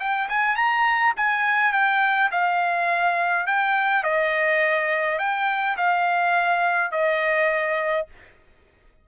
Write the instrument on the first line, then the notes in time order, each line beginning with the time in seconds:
trumpet
0.00 G5
0.29 G#5
0.56 A#5
1.17 G#5
1.73 G5
2.32 F5
3.47 G5
4.04 D#5
5.19 G5
5.77 F5
6.92 D#5